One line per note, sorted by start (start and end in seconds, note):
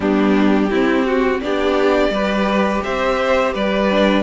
0.00 0.69 G3
0.00 0.69 B3
0.00 0.70 D4
0.00 1.40 G4
0.70 1.41 C4
0.70 1.43 C4
0.70 1.05 E4
1.05 1.41 F#4
1.40 2.09 B3
1.40 2.11 D4
1.40 2.12 G4
1.40 2.81 D5
2.09 2.80 G3
2.09 3.88 G4
2.09 2.83 B4
2.83 3.54 C4
2.83 3.53 C5
2.83 3.53 E5
3.53 4.22 G3
3.53 4.22 B4
3.53 4.22 D5
3.91 4.22 D4